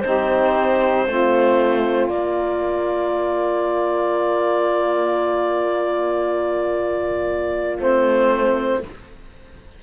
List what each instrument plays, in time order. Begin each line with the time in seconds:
0.00 cello C4, trombone D#4, saxophone G4, clarinet C5
1.06 cello A3, trombone C4, saxophone F4
2.09 cello A#3, trombone A#3, clarinet D5
7.79 cello A3, trombone C4, clarinet C5